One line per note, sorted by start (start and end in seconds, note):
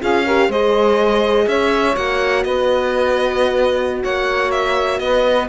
0.00 0.48 C#4
0.00 0.25 F4
0.00 0.24 G#4
0.00 0.51 F5
0.24 0.51 G4
0.24 0.49 A#4
0.48 1.46 G#3
0.48 1.95 G#4
0.48 1.47 C5
0.48 1.48 D#5
1.47 1.96 C#4
1.47 2.44 C#5
1.47 1.96 E5
1.95 2.44 A#3
1.95 5.49 F#4
1.95 2.43 F#5
2.43 4.03 B3
2.43 4.02 B4
2.43 4.02 D#5
4.02 5.00 A#3
4.02 5.00 C#5
4.02 4.51 F#5
4.51 4.99 E5
4.99 5.49 B3
4.99 5.49 B4
4.99 5.47 D#5